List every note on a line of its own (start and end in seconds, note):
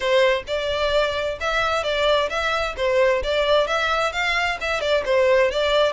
0.00 0.43 C5
0.47 1.38 D5
1.40 1.83 E5
1.83 2.29 D5
2.29 2.75 E5
2.76 3.22 C5
3.23 3.67 D5
3.67 4.12 E5
4.12 4.58 F5
4.61 4.80 E5
4.80 5.03 D5
5.05 5.51 C5
5.51 5.92 D5